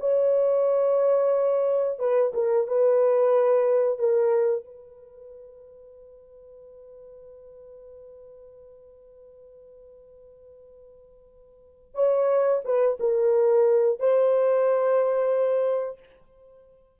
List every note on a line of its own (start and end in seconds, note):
0.00 1.99 C#5
1.99 2.32 B4
2.34 2.67 A#4
2.67 3.99 B4
3.99 4.65 A#4
4.65 11.95 B4
11.95 12.62 C#5
12.65 12.98 B4
13.00 13.99 A#4
13.99 15.99 C5